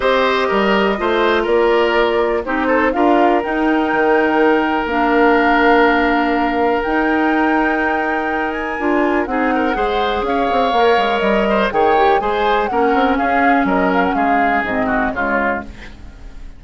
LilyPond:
<<
  \new Staff \with { instrumentName = "flute" } { \time 4/4 \tempo 4 = 123 dis''2. d''4~ | d''4 c''4 f''4 g''4~ | g''2 f''2~ | f''2 g''2~ |
g''4. gis''4. fis''4~ | fis''4 f''2 dis''4 | g''4 gis''4 fis''4 f''4 | dis''8 f''16 fis''16 f''4 dis''4 cis''4 | }
  \new Staff \with { instrumentName = "oboe" } { \time 4/4 c''4 ais'4 c''4 ais'4~ | ais'4 g'8 a'8 ais'2~ | ais'1~ | ais'1~ |
ais'2. gis'8 ais'8 | c''4 cis''2~ cis''8 c''8 | cis''4 c''4 ais'4 gis'4 | ais'4 gis'4. fis'8 f'4 | }
  \new Staff \with { instrumentName = "clarinet" } { \time 4/4 g'2 f'2~ | f'4 dis'4 f'4 dis'4~ | dis'2 d'2~ | d'2 dis'2~ |
dis'2 f'4 dis'4 | gis'2 ais'2 | gis'8 g'8 gis'4 cis'2~ | cis'2 c'4 gis4 | }
  \new Staff \with { instrumentName = "bassoon" } { \time 4/4 c'4 g4 a4 ais4~ | ais4 c'4 d'4 dis'4 | dis2 ais2~ | ais2 dis'2~ |
dis'2 d'4 c'4 | gis4 cis'8 c'8 ais8 gis8 g4 | dis4 gis4 ais8 c'8 cis'4 | fis4 gis4 gis,4 cis4 | }
>>